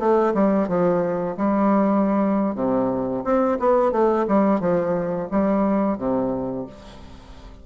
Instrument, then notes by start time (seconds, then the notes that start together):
bassoon
0.00 A3
0.35 G3
0.69 F3
1.38 G3
2.56 C3
3.25 C4
3.60 B3
3.92 A3
4.28 G3
4.61 F3
5.32 G3
5.98 C3